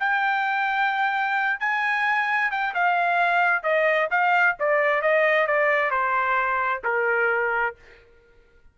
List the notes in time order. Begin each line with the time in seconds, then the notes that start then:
0.00 G5
1.60 G#5
2.51 G5
2.75 F5
3.63 D#5
4.11 F5
4.60 D5
5.02 D#5
5.47 D5
5.91 C5
6.84 A#4